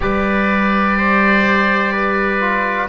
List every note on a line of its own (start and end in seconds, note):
0.00 2.89 G3
0.00 2.39 G4
0.00 0.97 B4
0.00 2.87 D5
0.97 1.92 C5
1.92 2.89 B4
2.40 2.88 F4